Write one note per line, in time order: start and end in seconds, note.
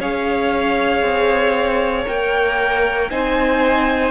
0.00 1.02 C#4
0.00 2.05 G#4
0.00 3.10 C#5
0.00 2.08 F5
1.02 2.06 C4
2.05 3.11 A#3
2.05 3.09 A#4
2.05 3.11 G5
3.11 4.11 C4
3.11 4.11 D#4
3.11 4.11 C5
3.11 4.11 G#5